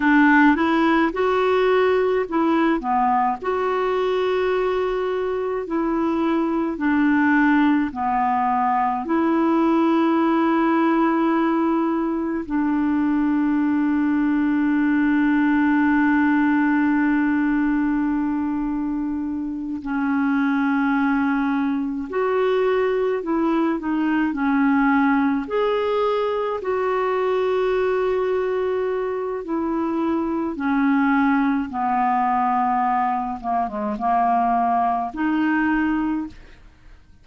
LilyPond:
\new Staff \with { instrumentName = "clarinet" } { \time 4/4 \tempo 4 = 53 d'8 e'8 fis'4 e'8 b8 fis'4~ | fis'4 e'4 d'4 b4 | e'2. d'4~ | d'1~ |
d'4. cis'2 fis'8~ | fis'8 e'8 dis'8 cis'4 gis'4 fis'8~ | fis'2 e'4 cis'4 | b4. ais16 gis16 ais4 dis'4 | }